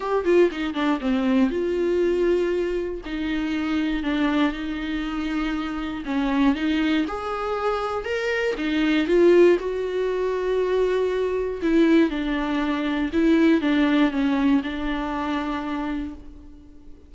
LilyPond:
\new Staff \with { instrumentName = "viola" } { \time 4/4 \tempo 4 = 119 g'8 f'8 dis'8 d'8 c'4 f'4~ | f'2 dis'2 | d'4 dis'2. | cis'4 dis'4 gis'2 |
ais'4 dis'4 f'4 fis'4~ | fis'2. e'4 | d'2 e'4 d'4 | cis'4 d'2. | }